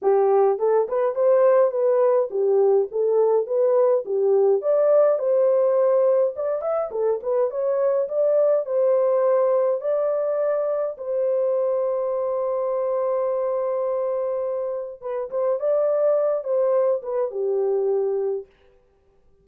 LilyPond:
\new Staff \with { instrumentName = "horn" } { \time 4/4 \tempo 4 = 104 g'4 a'8 b'8 c''4 b'4 | g'4 a'4 b'4 g'4 | d''4 c''2 d''8 e''8 | a'8 b'8 cis''4 d''4 c''4~ |
c''4 d''2 c''4~ | c''1~ | c''2 b'8 c''8 d''4~ | d''8 c''4 b'8 g'2 | }